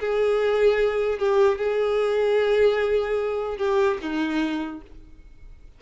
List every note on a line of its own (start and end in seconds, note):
0.00 1.19 G#4
1.19 1.58 G4
1.58 3.57 G#4
3.57 3.97 G4
4.01 4.81 D#4